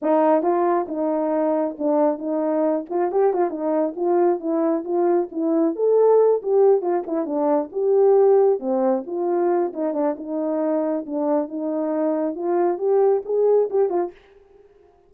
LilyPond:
\new Staff \with { instrumentName = "horn" } { \time 4/4 \tempo 4 = 136 dis'4 f'4 dis'2 | d'4 dis'4. f'8 g'8 f'8 | dis'4 f'4 e'4 f'4 | e'4 a'4. g'4 f'8 |
e'8 d'4 g'2 c'8~ | c'8 f'4. dis'8 d'8 dis'4~ | dis'4 d'4 dis'2 | f'4 g'4 gis'4 g'8 f'8 | }